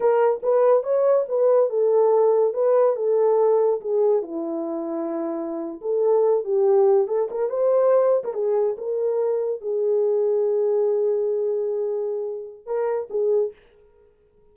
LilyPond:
\new Staff \with { instrumentName = "horn" } { \time 4/4 \tempo 4 = 142 ais'4 b'4 cis''4 b'4 | a'2 b'4 a'4~ | a'4 gis'4 e'2~ | e'4.~ e'16 a'4. g'8.~ |
g'8. a'8 ais'8 c''4.~ c''16 ais'16 gis'16~ | gis'8. ais'2 gis'4~ gis'16~ | gis'1~ | gis'2 ais'4 gis'4 | }